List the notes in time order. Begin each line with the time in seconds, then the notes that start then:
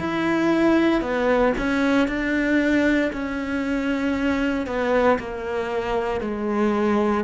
0.00 E4
1.02 B3
1.58 C#4
2.08 D4
3.13 C#4
4.67 B3
5.19 A#3
6.21 G#3